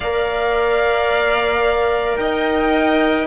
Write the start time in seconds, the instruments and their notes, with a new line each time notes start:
0.00 cello A#3, trombone A#4, violin D5 F5
2.16 cello D#4, violin D#5 G5